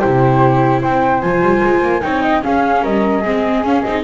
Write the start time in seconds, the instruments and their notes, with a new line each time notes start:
0.00 double bass C3, viola E4, flute G4 C5
0.81 double bass C4, flute C5 G5
1.22 double bass F3, viola F4, flute G#5
1.42 double bass G3
1.64 double bass G#3
1.82 double bass A#3
2.02 double bass C4, viola D#4, flute C#5 G5
2.22 flute D#5
2.42 viola C#4, double bass C#4, flute G#4 F5
2.83 double bass G3, flute A#4 D#5
3.21 double bass G#3, viola C4, flute G#4
3.64 double bass C#4, viola C#4, flute F5
3.82 double bass C4, viola D#4, flute D#5